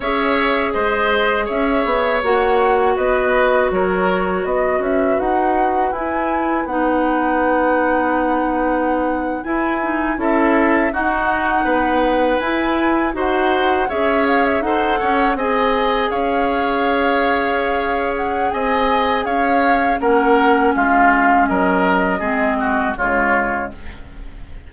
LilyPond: <<
  \new Staff \with { instrumentName = "flute" } { \time 4/4 \tempo 4 = 81 e''4 dis''4 e''4 fis''4 | dis''4 cis''4 dis''8 e''8 fis''4 | gis''4 fis''2.~ | fis''8. gis''4 e''4 fis''4~ fis''16~ |
fis''8. gis''4 fis''4 e''8 f''16 e''16 fis''16~ | fis''8. gis''4 f''2~ f''16~ | f''8 fis''8 gis''4 f''4 fis''4 | f''4 dis''2 cis''4 | }
  \new Staff \with { instrumentName = "oboe" } { \time 4/4 cis''4 c''4 cis''2 | b'4 ais'4 b'2~ | b'1~ | b'4.~ b'16 a'4 fis'4 b'16~ |
b'4.~ b'16 c''4 cis''4 c''16~ | c''16 cis''8 dis''4 cis''2~ cis''16~ | cis''4 dis''4 cis''4 ais'4 | f'4 ais'4 gis'8 fis'8 f'4 | }
  \new Staff \with { instrumentName = "clarinet" } { \time 4/4 gis'2. fis'4~ | fis'1 | e'4 dis'2.~ | dis'8. e'8 dis'8 e'4 dis'4~ dis'16~ |
dis'8. e'4 fis'4 gis'4 a'16~ | a'8. gis'2.~ gis'16~ | gis'2. cis'4~ | cis'2 c'4 gis4 | }
  \new Staff \with { instrumentName = "bassoon" } { \time 4/4 cis'4 gis4 cis'8 b8 ais4 | b4 fis4 b8 cis'8 dis'4 | e'4 b2.~ | b8. e'4 cis'4 dis'4 b16~ |
b8. e'4 dis'4 cis'4 dis'16~ | dis'16 cis'8 c'4 cis'2~ cis'16~ | cis'4 c'4 cis'4 ais4 | gis4 fis4 gis4 cis4 | }
>>